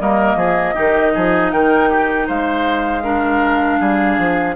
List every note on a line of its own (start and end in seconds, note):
0.00 0.35 G3
0.00 0.75 A#3
0.00 0.37 A#4
0.00 1.51 D#5
0.35 0.73 F3
0.35 0.74 G#4
0.74 1.15 D#3
0.74 3.02 D#4
0.74 1.12 G4
1.14 1.52 F3
1.14 1.52 G#4
1.51 2.28 D#3
1.51 1.89 A#4
1.51 2.27 G5
1.89 2.27 G4
2.27 3.80 G#3
2.27 3.03 C5
2.27 4.56 F5
3.03 4.55 D4
3.03 3.79 A#4
3.79 4.18 G3
3.79 4.55 G#4
4.18 4.56 F3